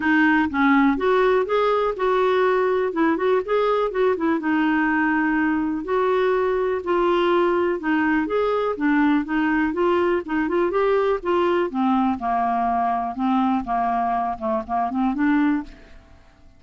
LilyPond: \new Staff \with { instrumentName = "clarinet" } { \time 4/4 \tempo 4 = 123 dis'4 cis'4 fis'4 gis'4 | fis'2 e'8 fis'8 gis'4 | fis'8 e'8 dis'2. | fis'2 f'2 |
dis'4 gis'4 d'4 dis'4 | f'4 dis'8 f'8 g'4 f'4 | c'4 ais2 c'4 | ais4. a8 ais8 c'8 d'4 | }